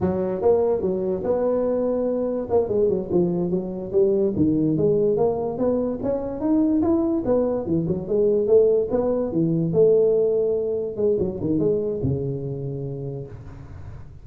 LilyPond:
\new Staff \with { instrumentName = "tuba" } { \time 4/4 \tempo 4 = 145 fis4 ais4 fis4 b4~ | b2 ais8 gis8 fis8 f8~ | f8 fis4 g4 dis4 gis8~ | gis8 ais4 b4 cis'4 dis'8~ |
dis'8 e'4 b4 e8 fis8 gis8~ | gis8 a4 b4 e4 a8~ | a2~ a8 gis8 fis8 dis8 | gis4 cis2. | }